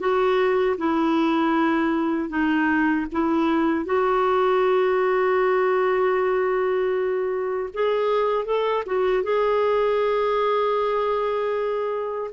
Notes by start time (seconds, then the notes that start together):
0.00 F#4
0.78 E4
2.29 D#4
3.12 E4
3.85 F#4
7.74 G#4
8.45 A4
8.86 F#4
9.23 G#4